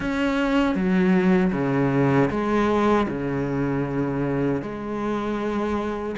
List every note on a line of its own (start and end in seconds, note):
0.00 0.75 C#4
0.75 1.52 F#3
1.52 2.29 C#3
2.30 3.07 G#3
3.08 4.62 C#3
4.62 6.15 G#3